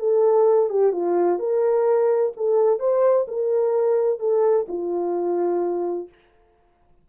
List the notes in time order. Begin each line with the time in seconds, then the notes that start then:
0.00 A4
0.70 G4
0.93 F4
1.40 A#4
2.37 A4
2.80 C5
3.28 A#4
4.20 A4
4.69 F4